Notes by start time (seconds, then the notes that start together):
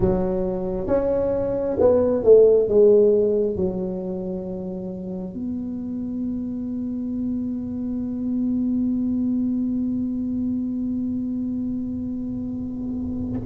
0.00 F#3
0.87 C#4
1.79 B3
2.23 A3
2.68 G#3
3.56 F#3
5.33 B3